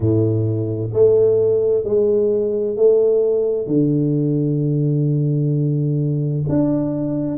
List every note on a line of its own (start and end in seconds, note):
0.00 0.91 A2
0.93 1.84 A3
1.84 2.76 G#3
2.76 3.67 A3
3.67 6.44 D3
6.49 7.37 D4